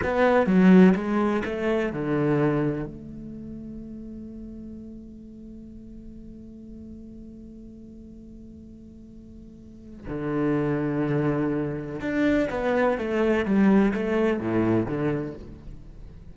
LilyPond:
\new Staff \with { instrumentName = "cello" } { \time 4/4 \tempo 4 = 125 b4 fis4 gis4 a4 | d2 a2~ | a1~ | a1~ |
a1~ | a4 d2.~ | d4 d'4 b4 a4 | g4 a4 a,4 d4 | }